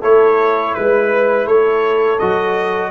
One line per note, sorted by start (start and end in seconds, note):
0.00 0.75 A3
0.00 2.18 E4
0.00 0.72 A4
0.00 0.74 C#5
0.74 1.47 G#3
0.74 1.47 B4
0.74 1.46 B4
1.46 2.19 A3
1.46 2.91 A4
1.46 2.19 C#5
2.19 2.91 F#3
2.19 2.91 F#4
2.19 2.91 D#5